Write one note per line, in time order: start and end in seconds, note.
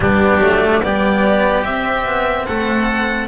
0.00 0.38 G3
0.00 0.40 B3
0.00 0.83 D4
0.00 0.82 G4
0.38 0.79 F#3
0.38 0.82 A3
0.83 1.65 G3
0.83 1.65 B3
0.83 2.47 G4
0.83 1.64 D5
1.64 3.27 C4
1.64 2.05 C4
1.64 2.46 E5
2.05 2.46 B3
2.46 3.27 A3
2.46 3.27 A4
2.46 3.27 F#5